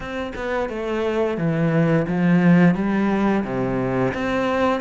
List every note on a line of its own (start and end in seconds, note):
0.00 0.32 C4
0.35 0.69 B3
0.69 1.37 A3
1.37 2.06 E3
2.07 2.75 F3
2.75 3.44 G3
3.44 4.13 C3
4.13 4.81 C4